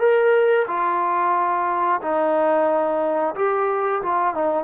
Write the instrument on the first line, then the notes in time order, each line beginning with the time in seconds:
trombone
0.00 A#4
0.68 F4
2.02 D#4
3.36 G4
4.03 F4
4.35 D#4